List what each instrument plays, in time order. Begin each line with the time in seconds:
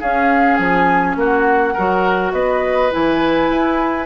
0.00 clarinet C#4, bassoon C#4, oboe G#4, flute F5
0.56 bassoon F3, flute G#5
1.16 bassoon A#3, oboe F#4, flute F#5
1.74 bassoon F#3, clarinet F#4, oboe A#4
2.33 bassoon B3, oboe B4, flute D#5
2.91 bassoon E3, clarinet E4, flute G#5
3.50 bassoon E4